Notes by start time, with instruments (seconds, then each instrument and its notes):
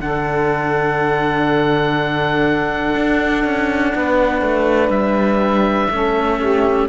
0.00 cello D3 D4, saxophone A4, oboe F#5
2.95 cello D4
3.44 cello C#4
3.95 cello B3, saxophone B4
4.42 cello A3
4.89 cello G3, oboe E5
5.90 cello A3 C#4, saxophone A4
6.40 saxophone G4